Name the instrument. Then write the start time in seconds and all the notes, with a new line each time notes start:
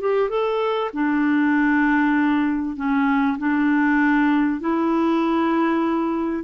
clarinet
0.00 G4
0.29 A4
0.93 D4
2.76 C#4
3.38 D4
4.60 E4